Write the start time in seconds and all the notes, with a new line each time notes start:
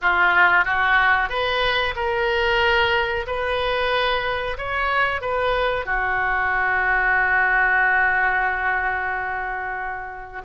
0.01 F4
0.65 F#4
1.29 B4
1.95 A#4
3.26 B4
4.57 C#5
5.21 B4
5.85 F#4